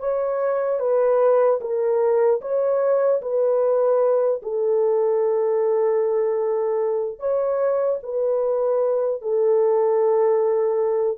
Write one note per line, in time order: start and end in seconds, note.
0.00 0.80 C#5
0.80 1.60 B4
1.61 2.41 A#4
2.41 3.21 C#5
3.22 4.42 B4
4.43 7.20 A4
7.20 8.00 C#5
8.03 9.22 B4
9.22 11.19 A4